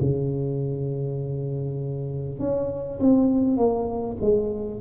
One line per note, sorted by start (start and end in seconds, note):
0.00 2.39 C#3
2.39 2.99 C#4
2.99 3.57 C4
3.57 4.17 A#3
4.21 4.81 G#3